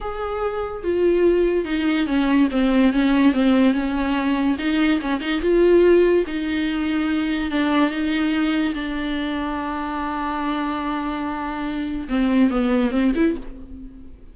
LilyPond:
\new Staff \with { instrumentName = "viola" } { \time 4/4 \tempo 4 = 144 gis'2 f'2 | dis'4 cis'4 c'4 cis'4 | c'4 cis'2 dis'4 | cis'8 dis'8 f'2 dis'4~ |
dis'2 d'4 dis'4~ | dis'4 d'2.~ | d'1~ | d'4 c'4 b4 c'8 e'8 | }